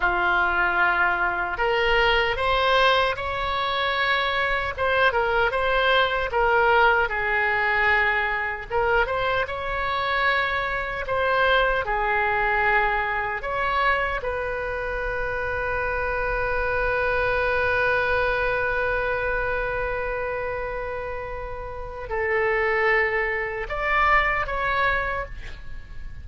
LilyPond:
\new Staff \with { instrumentName = "oboe" } { \time 4/4 \tempo 4 = 76 f'2 ais'4 c''4 | cis''2 c''8 ais'8 c''4 | ais'4 gis'2 ais'8 c''8 | cis''2 c''4 gis'4~ |
gis'4 cis''4 b'2~ | b'1~ | b'1 | a'2 d''4 cis''4 | }